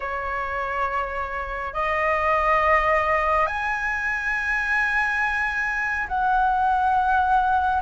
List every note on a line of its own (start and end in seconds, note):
0.00 1.73 C#5
1.73 3.46 D#5
3.46 6.07 G#5
6.08 7.81 F#5